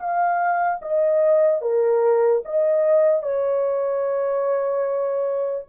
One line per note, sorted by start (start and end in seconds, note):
0.00 0.81 F5
0.82 1.62 D#5
1.62 2.43 A#4
2.45 3.23 D#5
3.23 5.66 C#5